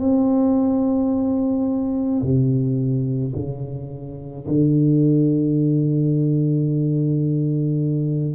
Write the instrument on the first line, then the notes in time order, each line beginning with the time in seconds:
tuba
0.00 C4
2.23 C3
3.36 C#3
4.48 D3